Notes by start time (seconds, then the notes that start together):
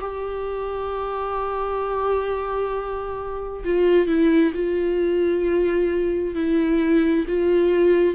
0.00 G4
3.64 F4
4.07 E4
4.53 F4
6.34 E4
7.27 F4